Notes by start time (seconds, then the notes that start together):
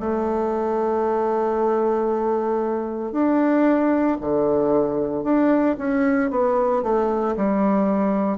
0.00 A3
3.12 D4
4.21 D3
5.23 D4
5.78 C#4
6.30 B3
6.82 A3
7.36 G3